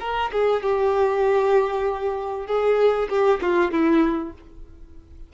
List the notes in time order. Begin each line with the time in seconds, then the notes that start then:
0.00 A#4
0.33 G#4
0.63 G4
2.47 G#4
3.10 G4
3.42 F4
3.71 E4